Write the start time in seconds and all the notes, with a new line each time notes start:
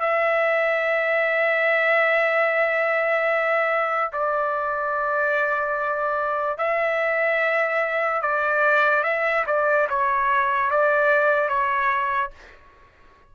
0.00 E5
4.12 D5
6.58 E5
8.22 D5
9.03 E5
9.46 D5
9.89 C#5
10.70 D5
11.48 C#5